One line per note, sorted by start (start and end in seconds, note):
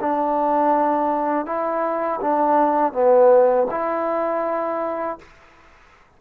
0.00 1.45 D4
1.45 2.20 E4
2.21 2.93 D4
2.93 3.67 B3
3.70 5.19 E4